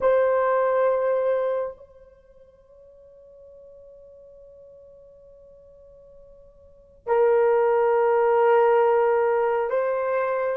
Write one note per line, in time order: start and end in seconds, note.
0.00 1.77 C5
1.77 7.06 C#5
7.06 9.70 A#4
9.70 10.56 C5